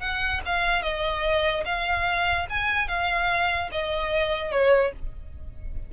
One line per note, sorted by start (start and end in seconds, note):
0.00 0.41 F#5
0.46 0.83 F5
0.83 1.64 D#5
1.65 2.47 F5
2.50 2.88 G#5
2.88 3.70 F5
3.72 4.52 D#5
4.52 4.93 C#5